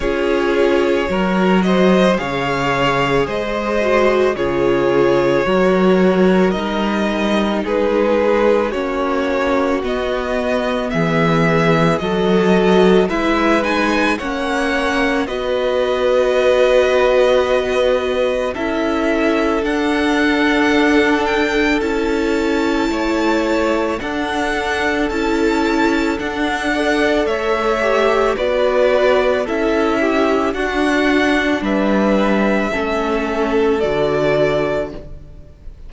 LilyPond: <<
  \new Staff \with { instrumentName = "violin" } { \time 4/4 \tempo 4 = 55 cis''4. dis''8 f''4 dis''4 | cis''2 dis''4 b'4 | cis''4 dis''4 e''4 dis''4 | e''8 gis''8 fis''4 dis''2~ |
dis''4 e''4 fis''4. g''8 | a''2 fis''4 a''4 | fis''4 e''4 d''4 e''4 | fis''4 e''2 d''4 | }
  \new Staff \with { instrumentName = "violin" } { \time 4/4 gis'4 ais'8 c''8 cis''4 c''4 | gis'4 ais'2 gis'4 | fis'2 gis'4 a'4 | b'4 cis''4 b'2~ |
b'4 a'2.~ | a'4 cis''4 a'2~ | a'8 d''8 cis''4 b'4 a'8 g'8 | fis'4 b'4 a'2 | }
  \new Staff \with { instrumentName = "viola" } { \time 4/4 f'4 fis'4 gis'4. fis'8 | f'4 fis'4 dis'2 | cis'4 b2 fis'4 | e'8 dis'8 cis'4 fis'2~ |
fis'4 e'4 d'2 | e'2 d'4 e'4 | d'8 a'4 g'8 fis'4 e'4 | d'2 cis'4 fis'4 | }
  \new Staff \with { instrumentName = "cello" } { \time 4/4 cis'4 fis4 cis4 gis4 | cis4 fis4 g4 gis4 | ais4 b4 e4 fis4 | gis4 ais4 b2~ |
b4 cis'4 d'2 | cis'4 a4 d'4 cis'4 | d'4 a4 b4 cis'4 | d'4 g4 a4 d4 | }
>>